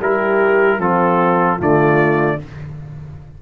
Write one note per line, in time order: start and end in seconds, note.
0.00 0.79 G3
0.00 0.82 E4
0.00 0.79 G4
0.00 0.81 A#4
0.79 1.59 F3
0.79 1.57 C4
0.79 1.59 F4
0.79 1.61 A4
1.57 2.41 D3
1.57 2.39 A3
1.57 2.37 F4
1.57 2.42 D5